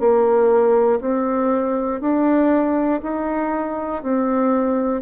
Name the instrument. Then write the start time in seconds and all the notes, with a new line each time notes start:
bassoon
0.00 A#3
1.01 C4
2.00 D4
3.02 D#4
4.02 C4